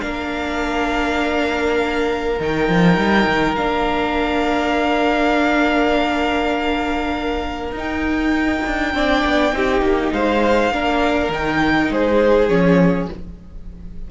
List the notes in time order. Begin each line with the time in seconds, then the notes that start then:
0.00 A#3 D4 A#4 F5
2.39 D#3 D#4 G5
2.68 F3
2.97 G3
3.27 D#3
3.55 A#3 D4 F5
7.71 D#4
7.78 G5
8.66 D4
8.93 C4 D4 D5
9.25 B3
9.52 C4 D#4 G4
9.82 A#3
10.12 G#3 C5 F5
10.71 A#3 D4 A#4
11.29 D#3 D#4 G5
11.90 G#3 G#4 C5
12.48 F3 C#4 C#5